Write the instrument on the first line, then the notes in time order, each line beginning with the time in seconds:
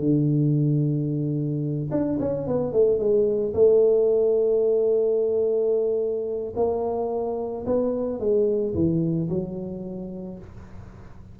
tuba
0.00 D3
1.91 D4
2.20 C#4
2.47 B3
2.73 A3
2.99 G#3
3.54 A3
6.56 A#3
7.66 B3
8.20 G#3
8.74 E3
9.30 F#3